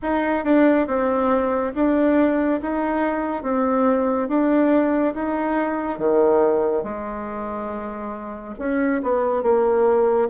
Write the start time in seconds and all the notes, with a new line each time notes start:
0.02 D#4
0.44 D4
0.86 C4
1.74 D4
2.61 D#4
3.42 C4
4.28 D4
5.14 D#4
5.98 D#3
6.83 G#3
8.58 C#4
9.02 B3
9.42 A#3